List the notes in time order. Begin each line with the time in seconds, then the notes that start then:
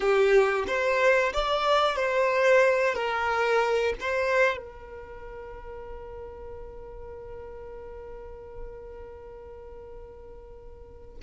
0.00 G4
0.67 C5
1.33 D5
1.96 C5
2.94 A#4
4.00 C5
4.57 A#4